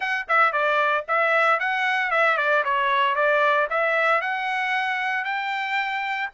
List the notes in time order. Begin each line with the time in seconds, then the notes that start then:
0.00 F#5
0.28 E5
0.52 D5
1.08 E5
1.59 F#5
2.11 E5
2.37 D5
2.64 C#5
3.15 D5
3.70 E5
4.21 F#5
5.24 G5